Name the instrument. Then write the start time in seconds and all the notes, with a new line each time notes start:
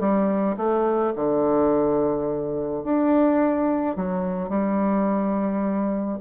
bassoon
0.00 G3
0.57 A3
1.16 D3
2.84 D4
3.96 F#3
4.49 G3